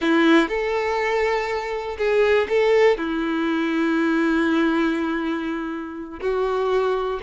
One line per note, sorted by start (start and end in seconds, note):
0.01 0.48 E4
0.48 1.97 A4
1.97 2.47 G#4
2.48 2.97 A4
2.97 6.20 E4
6.20 7.19 F#4